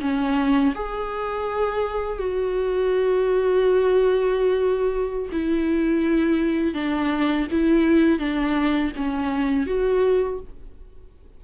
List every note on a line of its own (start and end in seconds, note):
0.00 0.73 C#4
0.75 2.18 G#4
2.18 5.29 F#4
5.32 6.74 E4
6.74 7.47 D4
7.51 8.19 E4
8.19 8.92 D4
8.96 9.66 C#4
9.66 10.39 F#4